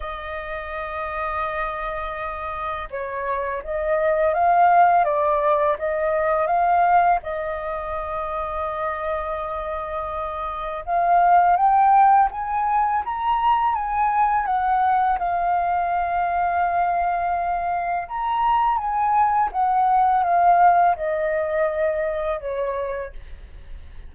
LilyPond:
\new Staff \with { instrumentName = "flute" } { \time 4/4 \tempo 4 = 83 dis''1 | cis''4 dis''4 f''4 d''4 | dis''4 f''4 dis''2~ | dis''2. f''4 |
g''4 gis''4 ais''4 gis''4 | fis''4 f''2.~ | f''4 ais''4 gis''4 fis''4 | f''4 dis''2 cis''4 | }